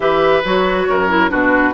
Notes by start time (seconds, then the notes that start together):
0.00 E3 G4 B4 E5
0.44 F#3 F#4 C#5
0.88 F#2 A#4
1.08 E4
1.29 B2 D4 F#4 B4